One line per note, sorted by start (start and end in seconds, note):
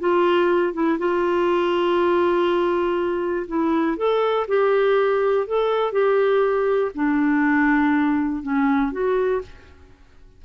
0.00 0.73 F4
0.73 0.98 E4
0.98 3.46 F4
3.47 3.97 E4
3.97 4.46 A4
4.48 5.47 G4
5.47 5.92 A4
5.92 6.91 G4
6.94 8.43 D4
8.43 8.92 C#4
8.92 9.41 F#4